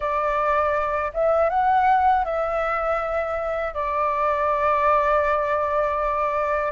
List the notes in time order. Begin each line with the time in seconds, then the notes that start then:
0.00 D5
1.13 E5
1.49 F#5
2.25 E5
3.73 D5